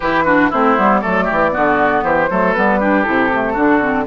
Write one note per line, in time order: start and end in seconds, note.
0.00 0.52 E3
0.00 0.26 E4
0.00 0.23 G4
0.00 0.50 B4
0.24 0.51 D4
0.24 0.50 F#4
0.50 0.78 A3
0.50 0.76 C4
0.50 1.01 E4
0.50 0.99 C5
0.76 1.03 G3
0.76 1.02 B3
0.99 1.30 F#3
0.99 1.51 A3
0.99 1.24 A4
0.99 2.01 D5
1.24 1.50 G4
1.31 1.55 E3
1.51 2.03 D3
1.51 2.27 B3
1.51 2.04 F#4
2.03 2.29 E3
2.03 2.29 G4
2.03 2.53 C5
2.30 2.56 F#3
2.30 2.55 A3
2.30 2.79 A4
2.53 3.07 G3
2.53 2.81 B3
2.53 3.02 B4
2.79 3.04 D4
2.79 3.53 G4
3.02 3.56 C3
3.02 3.30 E4
3.02 4.04 A4
3.32 3.55 A3
3.53 4.06 D3
3.53 3.81 D4
3.53 4.04 F#4
3.81 4.06 C4